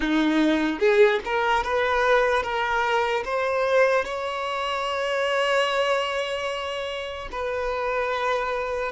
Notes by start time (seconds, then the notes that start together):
0.00 D#4
0.79 G#4
1.25 A#4
1.63 B4
2.42 A#4
3.24 C5
4.04 C#5
7.31 B4